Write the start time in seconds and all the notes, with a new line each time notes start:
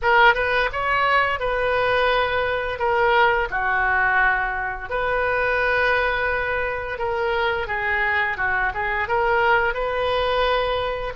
0.02 A#4
0.34 B4
0.72 C#5
1.39 B4
2.78 A#4
3.50 F#4
4.89 B4
6.98 A#4
7.67 G#4
8.37 F#4
8.74 G#4
9.07 A#4
9.73 B4